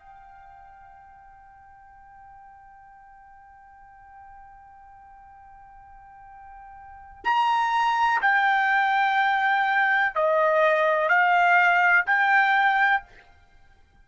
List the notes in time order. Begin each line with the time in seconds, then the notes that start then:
0.00 G5
7.25 A#5
8.22 G5
10.16 D#5
11.09 F5
12.07 G5